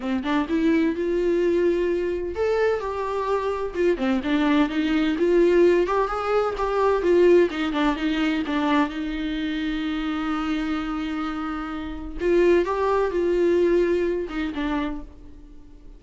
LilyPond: \new Staff \with { instrumentName = "viola" } { \time 4/4 \tempo 4 = 128 c'8 d'8 e'4 f'2~ | f'4 a'4 g'2 | f'8 c'8 d'4 dis'4 f'4~ | f'8 g'8 gis'4 g'4 f'4 |
dis'8 d'8 dis'4 d'4 dis'4~ | dis'1~ | dis'2 f'4 g'4 | f'2~ f'8 dis'8 d'4 | }